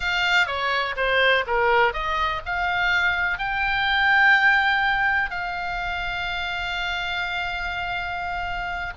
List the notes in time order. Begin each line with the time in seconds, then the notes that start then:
0.00 F5
0.46 C#5
0.96 C5
1.46 A#4
1.93 D#5
2.45 F5
3.38 G5
5.30 F5